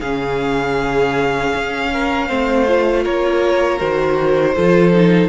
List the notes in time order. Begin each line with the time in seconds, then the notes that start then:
0.00 C#3 C#4 G#4 F5
1.55 C#4
1.93 A#4
2.28 A3 C4 C5
2.68 F4
3.03 A#3 A#4 C#5
3.79 D#3 F#4 C5
4.55 F3 F4 A4
4.94 D#4